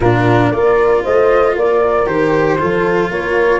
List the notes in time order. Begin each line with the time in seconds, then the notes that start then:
0.00 A#2 D4 F4 A#4
0.51 A#3 F4 A#4 D5
1.03 A3 C5 D#5
1.55 A#3 A#4 D5
2.06 D#3 G4 C5
2.58 F3 F4 A4
3.09 A#3 A#4 C#5